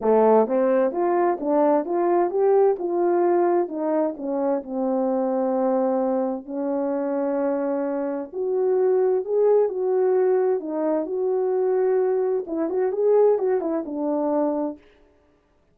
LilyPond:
\new Staff \with { instrumentName = "horn" } { \time 4/4 \tempo 4 = 130 a4 c'4 f'4 d'4 | f'4 g'4 f'2 | dis'4 cis'4 c'2~ | c'2 cis'2~ |
cis'2 fis'2 | gis'4 fis'2 dis'4 | fis'2. e'8 fis'8 | gis'4 fis'8 e'8 d'2 | }